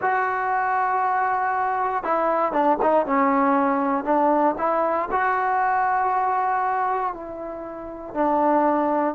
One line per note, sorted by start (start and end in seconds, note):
0.01 2.03 F#4
2.03 2.52 E4
2.52 2.77 D4
2.82 3.06 D#4
3.06 4.04 C#4
4.04 4.55 D4
4.58 5.08 E4
5.11 7.13 F#4
7.13 8.14 E4
8.14 9.14 D4